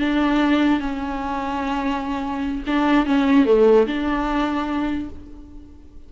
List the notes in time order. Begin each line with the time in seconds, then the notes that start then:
0.00 D4
0.80 C#4
2.67 D4
3.06 C#4
3.46 A3
3.87 D4